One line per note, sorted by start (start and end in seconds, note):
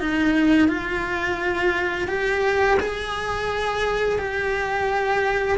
0.00 0.68 D#4
0.68 2.08 F4
2.08 2.78 G4
2.80 4.19 G#4
4.19 5.58 G4